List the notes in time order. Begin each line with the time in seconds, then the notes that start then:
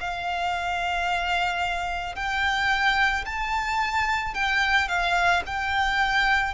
0.00 F5
2.15 G5
3.25 A5
4.34 G5
4.88 F5
5.46 G5